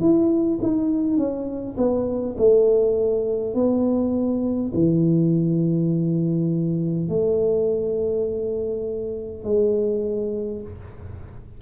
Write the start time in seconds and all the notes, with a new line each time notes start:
0.00 E4
0.61 D#4
1.17 C#4
1.77 B3
2.37 A3
3.55 B3
4.74 E3
7.09 A3
9.44 G#3